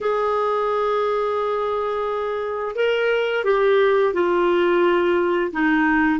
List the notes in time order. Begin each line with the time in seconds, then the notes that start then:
0.01 G#4
2.75 A#4
3.44 G4
4.13 F4
5.52 D#4